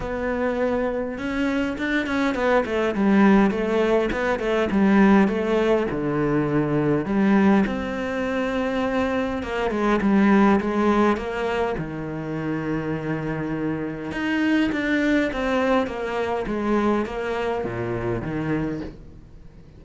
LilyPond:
\new Staff \with { instrumentName = "cello" } { \time 4/4 \tempo 4 = 102 b2 cis'4 d'8 cis'8 | b8 a8 g4 a4 b8 a8 | g4 a4 d2 | g4 c'2. |
ais8 gis8 g4 gis4 ais4 | dis1 | dis'4 d'4 c'4 ais4 | gis4 ais4 ais,4 dis4 | }